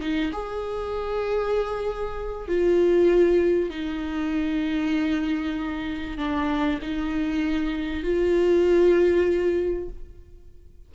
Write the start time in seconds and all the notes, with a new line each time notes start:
0.00 D#4
0.32 G#4
2.48 F4
3.70 D#4
6.17 D4
6.81 D#4
8.03 F4